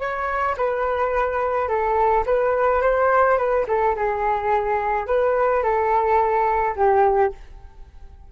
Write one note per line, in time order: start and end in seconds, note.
0.00 0.56 C#5
0.58 1.69 B4
1.69 2.25 A4
2.27 2.82 B4
2.82 3.38 C5
3.38 3.66 B4
3.68 3.96 A4
3.97 5.07 G#4
5.07 5.64 B4
5.64 6.76 A4
6.76 7.33 G4